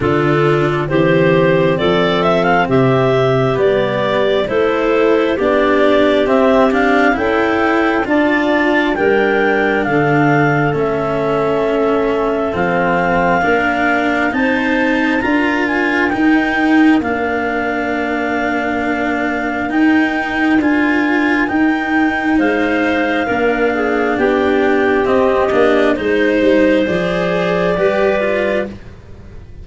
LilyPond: <<
  \new Staff \with { instrumentName = "clarinet" } { \time 4/4 \tempo 4 = 67 a'4 c''4 d''8 e''16 f''16 e''4 | d''4 c''4 d''4 e''8 f''8 | g''4 a''4 g''4 f''4 | e''2 f''2 |
a''4 ais''8 gis''8 g''4 f''4~ | f''2 g''4 gis''4 | g''4 f''2 g''4 | dis''4 c''4 d''2 | }
  \new Staff \with { instrumentName = "clarinet" } { \time 4/4 f'4 g'4 a'4 g'4~ | g'4 a'4 g'2 | a'4 d''4 ais'4 a'4~ | a'2. ais'4 |
c''4 ais'2.~ | ais'1~ | ais'4 c''4 ais'8 gis'8 g'4~ | g'4 c''2 b'4 | }
  \new Staff \with { instrumentName = "cello" } { \time 4/4 d'4 c'2. | b4 e'4 d'4 c'8 d'8 | e'4 f'4 d'2 | cis'2 c'4 d'4 |
dis'4 f'4 dis'4 d'4~ | d'2 dis'4 f'4 | dis'2 d'2 | c'8 d'8 dis'4 gis'4 g'8 f'8 | }
  \new Staff \with { instrumentName = "tuba" } { \time 4/4 d4 e4 f4 c4 | g4 a4 b4 c'4 | cis'4 d'4 g4 d4 | a2 f4 ais4 |
c'4 d'4 dis'4 ais4~ | ais2 dis'4 d'4 | dis'4 gis4 ais4 b4 | c'8 ais8 gis8 g8 f4 g4 | }
>>